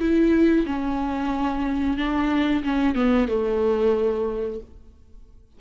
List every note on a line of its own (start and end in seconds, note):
0.00 0.66 E4
0.66 1.97 C#4
1.97 2.63 D4
2.64 2.95 C#4
2.95 3.28 B3
3.28 4.60 A3